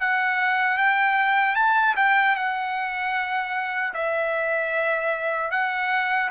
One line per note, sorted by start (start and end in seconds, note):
0.00 0.77 F#5
0.77 1.55 G5
1.55 1.94 A5
1.96 2.35 G5
2.35 3.93 F#5
3.93 5.51 E5
5.51 6.30 F#5